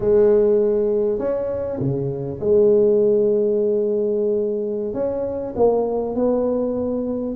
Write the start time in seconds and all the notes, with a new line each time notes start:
0.00 G#3
1.18 C#4
1.79 C#3
2.40 G#3
4.93 C#4
5.55 A#3
6.15 B3